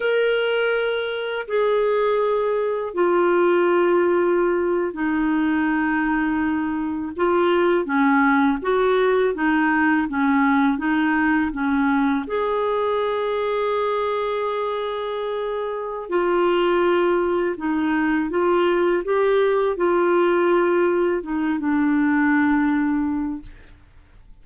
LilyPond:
\new Staff \with { instrumentName = "clarinet" } { \time 4/4 \tempo 4 = 82 ais'2 gis'2 | f'2~ f'8. dis'4~ dis'16~ | dis'4.~ dis'16 f'4 cis'4 fis'16~ | fis'8. dis'4 cis'4 dis'4 cis'16~ |
cis'8. gis'2.~ gis'16~ | gis'2 f'2 | dis'4 f'4 g'4 f'4~ | f'4 dis'8 d'2~ d'8 | }